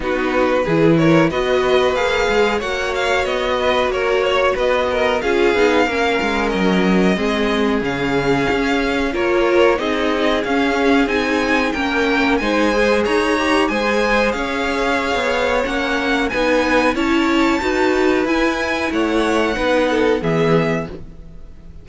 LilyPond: <<
  \new Staff \with { instrumentName = "violin" } { \time 4/4 \tempo 4 = 92 b'4. cis''8 dis''4 f''4 | fis''8 f''8 dis''4 cis''4 dis''4 | f''2 dis''2 | f''2 cis''4 dis''4 |
f''4 gis''4 g''4 gis''4 | ais''4 gis''4 f''2 | fis''4 gis''4 a''2 | gis''4 fis''2 e''4 | }
  \new Staff \with { instrumentName = "violin" } { \time 4/4 fis'4 gis'8 ais'8 b'2 | cis''4. b'8 ais'8 cis''8 b'8 ais'8 | gis'4 ais'2 gis'4~ | gis'2 ais'4 gis'4~ |
gis'2 ais'4 c''4 | cis''4 c''4 cis''2~ | cis''4 b'4 cis''4 b'4~ | b'4 cis''4 b'8 a'8 gis'4 | }
  \new Staff \with { instrumentName = "viola" } { \time 4/4 dis'4 e'4 fis'4 gis'4 | fis'1 | f'8 dis'8 cis'2 c'4 | cis'2 f'4 dis'4 |
cis'4 dis'4 cis'4 dis'8 gis'8~ | gis'8 g'8 gis'2. | cis'4 dis'4 e'4 fis'4 | e'2 dis'4 b4 | }
  \new Staff \with { instrumentName = "cello" } { \time 4/4 b4 e4 b4 ais8 gis8 | ais4 b4 ais4 b4 | cis'8 b8 ais8 gis8 fis4 gis4 | cis4 cis'4 ais4 c'4 |
cis'4 c'4 ais4 gis4 | dis'4 gis4 cis'4~ cis'16 b8. | ais4 b4 cis'4 dis'4 | e'4 a4 b4 e4 | }
>>